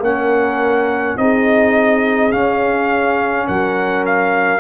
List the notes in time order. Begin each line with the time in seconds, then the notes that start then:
0.00 A#3 C#4 A#4 F#5
1.17 C4 D#4 G#4 D#5
2.31 C#4 F5
3.47 F#3 A#4 F#5
4.06 F5